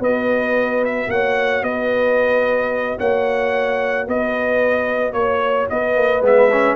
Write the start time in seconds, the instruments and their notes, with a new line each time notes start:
0.00 tuba B3, trombone F#4, horn B4, trumpet D#5
0.85 trumpet E5
1.09 tuba A#3, horn C#5, trumpet F#5
1.62 tuba B3, horn B4, trumpet D#5
2.98 tuba A#3, horn C#5, trumpet F#5
4.08 tuba B3, horn B4, trumpet D#5
5.13 tuba A#3, trumpet C#5, horn C#5
5.70 tuba B3, horn B4, trumpet D#5
5.97 tuba A#3
6.22 tuba G#3, trombone B3, trumpet E5
6.52 trombone C#4